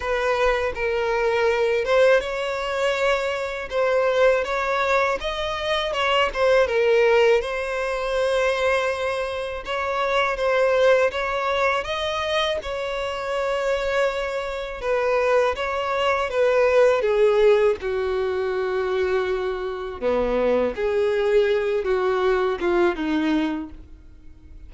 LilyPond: \new Staff \with { instrumentName = "violin" } { \time 4/4 \tempo 4 = 81 b'4 ais'4. c''8 cis''4~ | cis''4 c''4 cis''4 dis''4 | cis''8 c''8 ais'4 c''2~ | c''4 cis''4 c''4 cis''4 |
dis''4 cis''2. | b'4 cis''4 b'4 gis'4 | fis'2. b4 | gis'4. fis'4 f'8 dis'4 | }